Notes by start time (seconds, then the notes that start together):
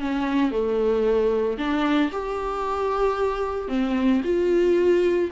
0.00 C#4
0.52 A3
1.58 D4
2.12 G4
3.69 C4
4.25 F4